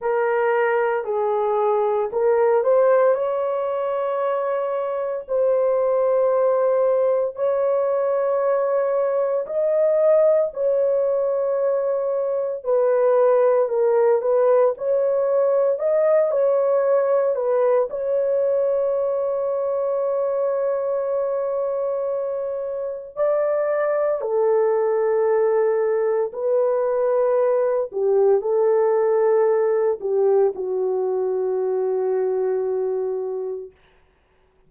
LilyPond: \new Staff \with { instrumentName = "horn" } { \time 4/4 \tempo 4 = 57 ais'4 gis'4 ais'8 c''8 cis''4~ | cis''4 c''2 cis''4~ | cis''4 dis''4 cis''2 | b'4 ais'8 b'8 cis''4 dis''8 cis''8~ |
cis''8 b'8 cis''2.~ | cis''2 d''4 a'4~ | a'4 b'4. g'8 a'4~ | a'8 g'8 fis'2. | }